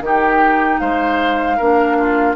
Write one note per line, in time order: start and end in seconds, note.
0.00 0.78 D#3
0.00 1.59 D#4
0.00 0.81 G4
0.00 0.79 G5
0.79 1.59 G#3
0.79 1.57 C5
0.79 2.35 F5
1.57 2.37 A#3
1.57 2.37 D4
1.57 1.96 A#4
1.99 2.37 F4